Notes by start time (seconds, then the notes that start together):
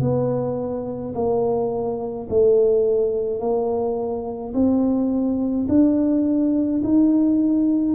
0.00 B3
1.14 A#3
2.29 A3
3.39 A#3
4.53 C4
5.68 D4
6.83 D#4